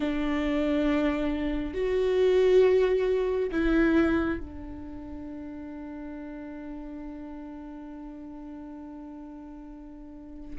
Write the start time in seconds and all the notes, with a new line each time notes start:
0.00 D4
1.74 F#4
3.51 E4
4.39 D4